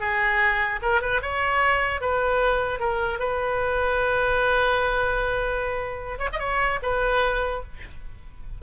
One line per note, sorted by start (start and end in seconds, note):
0.00 0.80 G#4
0.82 1.01 A#4
1.01 1.21 B4
1.22 2.01 C#5
2.01 2.79 B4
2.79 3.19 A#4
3.19 6.19 B4
6.19 6.29 C#5
6.33 6.39 D#5
6.39 6.79 C#5
6.82 7.62 B4